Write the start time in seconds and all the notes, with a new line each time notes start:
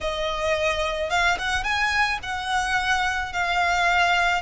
0.01 D#5
1.10 F5
1.38 F#5
1.63 G#5
2.22 F#5
3.33 F5